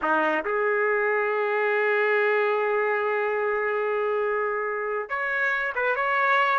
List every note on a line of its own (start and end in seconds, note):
0.01 0.44 D#4
0.44 5.09 G#4
5.09 5.73 C#5
5.75 5.95 B4
5.95 6.59 C#5